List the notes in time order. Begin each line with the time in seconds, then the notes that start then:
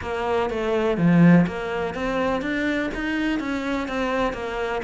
0.01 A#3
0.50 A3
0.97 F3
1.46 A#3
1.94 C4
2.41 D4
2.94 D#4
3.39 C#4
3.88 C4
4.33 A#3